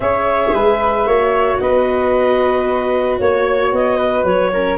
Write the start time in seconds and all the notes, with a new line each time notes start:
0.00 C#4 G#4 C#5 E5
0.53 G#3 B4
1.06 A#3 F#4 C#5
1.59 B3 B4 D#5
3.18 A#3 C#5
3.72 B3 D#5
3.97 B4
4.23 F#3 C#5
4.52 C#4 A#4